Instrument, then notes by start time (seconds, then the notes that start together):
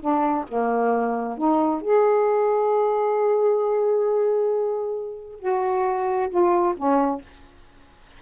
saxophone
0.00 D4
0.48 A#3
1.37 D#4
1.81 G#4
5.40 F#4
6.30 F4
6.77 C#4